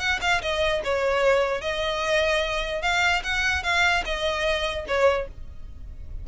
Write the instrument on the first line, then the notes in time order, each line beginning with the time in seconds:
violin
0.00 F#5
0.22 F5
0.42 D#5
0.84 C#5
1.62 D#5
2.83 F5
3.24 F#5
3.64 F5
4.06 D#5
4.88 C#5